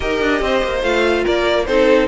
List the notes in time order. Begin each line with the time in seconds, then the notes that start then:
0.00 D#4 G4 A#4 D#5
0.21 D4
0.41 C4 C5
0.63 A#3
0.82 A3 F4 F5
1.23 A#3 A#4 D5
1.65 C4 D#4 A4 C5